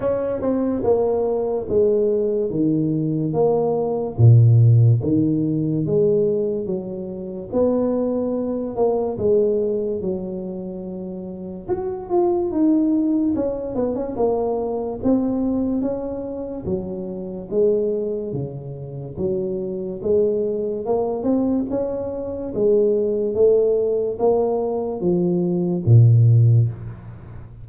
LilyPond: \new Staff \with { instrumentName = "tuba" } { \time 4/4 \tempo 4 = 72 cis'8 c'8 ais4 gis4 dis4 | ais4 ais,4 dis4 gis4 | fis4 b4. ais8 gis4 | fis2 fis'8 f'8 dis'4 |
cis'8 b16 cis'16 ais4 c'4 cis'4 | fis4 gis4 cis4 fis4 | gis4 ais8 c'8 cis'4 gis4 | a4 ais4 f4 ais,4 | }